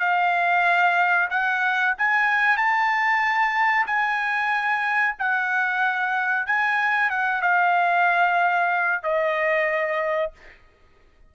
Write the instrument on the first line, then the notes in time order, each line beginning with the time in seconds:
trumpet
0.00 F5
1.30 F#5
1.98 G#5
2.57 A5
3.87 G#5
5.19 F#5
6.46 G#5
7.10 F#5
7.42 F5
9.03 D#5